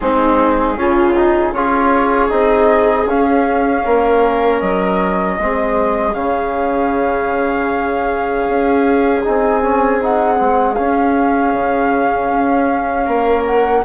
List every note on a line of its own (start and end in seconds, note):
0.00 0.78 G#3
0.00 0.76 C4
0.00 0.78 D#4
0.00 1.53 G#4
0.76 1.52 C#3
0.76 1.14 C#4
0.76 1.54 F4
1.15 1.54 D#4
1.52 2.29 C#4
1.52 2.29 F4
1.52 3.84 G#4
1.52 2.30 C#5
2.29 3.06 C4
2.29 3.06 D#4
2.29 3.07 D#5
3.06 3.83 C#4
3.06 5.40 C#4
3.06 4.60 F5
3.84 4.61 A#3
3.84 5.38 A#4
4.60 5.38 F#3
4.60 6.14 D#5
5.38 6.15 G#3
5.38 6.13 C4
5.38 13.05 G#4
6.13 8.46 C#3
6.13 9.21 C#4
6.13 9.21 F5
8.47 9.24 C#4
9.24 10.40 C4
9.24 9.62 D#4
9.24 10.02 G#5
9.62 10.01 C#4
10.01 10.36 D#4
10.01 10.74 F#5
10.36 10.79 G#3
10.36 10.75 C4
10.74 13.84 C#4
10.74 11.53 C#4
10.74 13.43 F5
11.53 12.30 C#3
12.31 13.07 C#4
13.05 13.84 A#3
13.05 13.82 A#4
13.45 13.83 F#5